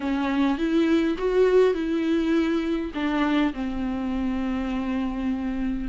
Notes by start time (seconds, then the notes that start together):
0.00 C#4
0.57 E4
1.17 F#4
1.74 E4
2.94 D4
3.53 C4